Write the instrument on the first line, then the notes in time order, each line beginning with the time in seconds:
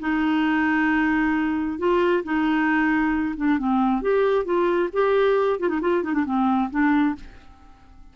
clarinet
0.00 D#4
1.79 F4
2.24 D#4
3.37 D4
3.59 C4
4.02 G4
4.45 F4
4.93 G4
5.60 F4
5.69 D#4
5.82 F4
6.03 D#4
6.14 D4
6.26 C4
6.71 D4